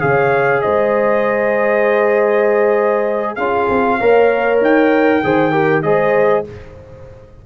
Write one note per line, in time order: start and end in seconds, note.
0.00 0.64 C#3
0.00 3.37 G#4
0.00 0.63 C#5
0.00 0.62 F5
0.62 3.38 G#3
0.62 3.37 C5
0.62 3.36 D#5
3.36 3.68 C#4
3.36 4.01 F4
3.36 3.98 G#4
3.36 4.58 F5
3.69 3.99 C4
4.00 4.61 A#3
4.00 5.23 A#4
4.00 5.22 C#5
4.61 5.22 D#4
4.61 5.83 G5
5.23 5.84 D#3
5.23 5.52 G#4
5.23 5.53 C5
5.52 5.83 G4
5.52 5.83 A#4
5.83 6.45 G#3
5.83 6.44 G#4
5.83 6.46 C5
5.83 6.44 D#5